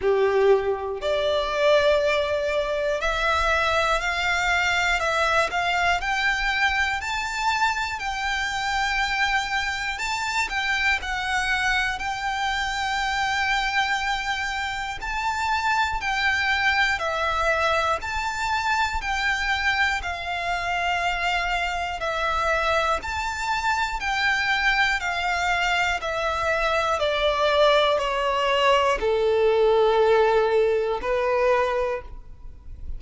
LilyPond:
\new Staff \with { instrumentName = "violin" } { \time 4/4 \tempo 4 = 60 g'4 d''2 e''4 | f''4 e''8 f''8 g''4 a''4 | g''2 a''8 g''8 fis''4 | g''2. a''4 |
g''4 e''4 a''4 g''4 | f''2 e''4 a''4 | g''4 f''4 e''4 d''4 | cis''4 a'2 b'4 | }